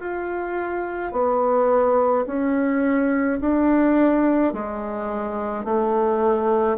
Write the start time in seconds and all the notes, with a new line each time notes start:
0.00 F4
1.12 B3
2.26 C#4
3.41 D4
4.53 G#3
5.64 A3